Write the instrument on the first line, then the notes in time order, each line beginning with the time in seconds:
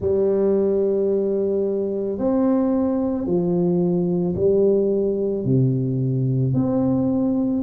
tuba
0.00 G3
2.18 C4
3.26 F3
4.35 G3
5.44 C3
6.54 C4